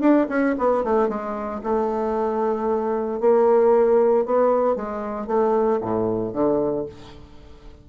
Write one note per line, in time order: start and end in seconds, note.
0.00 0.26 D4
0.29 0.55 C#4
0.58 0.83 B3
0.83 1.08 A3
1.08 1.61 G#3
1.63 3.20 A3
3.20 4.25 A#3
4.25 4.75 B3
4.75 5.27 G#3
5.27 5.79 A3
5.81 6.33 A2
6.33 6.85 D3